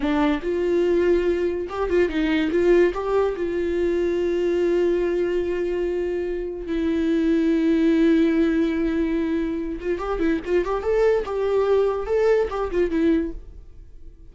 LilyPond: \new Staff \with { instrumentName = "viola" } { \time 4/4 \tempo 4 = 144 d'4 f'2. | g'8 f'8 dis'4 f'4 g'4 | f'1~ | f'1 |
e'1~ | e'2.~ e'8 f'8 | g'8 e'8 f'8 g'8 a'4 g'4~ | g'4 a'4 g'8 f'8 e'4 | }